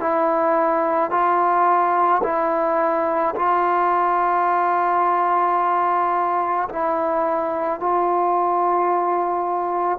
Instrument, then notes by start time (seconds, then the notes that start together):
trombone
0.00 E4
1.11 F4
2.24 E4
3.35 F4
6.69 E4
7.80 F4